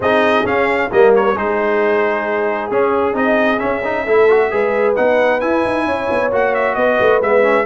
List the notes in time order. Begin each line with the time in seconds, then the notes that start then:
0.00 C4 D#4 G#4 D#5
0.44 C#4 F5
0.90 G3 A#3 A#4 D#5
1.15 C#5
1.33 G#3 D#4 G#4 C5
2.70 C#4 G#4
3.12 C4 D#4 D#5
3.59 C#4 E5
3.84 D#4
4.04 A3 E4 A4
4.28 F#4
4.50 G#3 G#4 B4
4.95 B3 D#4 F#5
5.40 E4 G#5
5.64 D#4
5.85 C#4 C#5
6.10 B3
6.31 A#3 F#4 F#5
6.54 E5
6.75 B3 B4 D#5
7.00 A3
7.20 G#3 B3 E5
7.42 C#4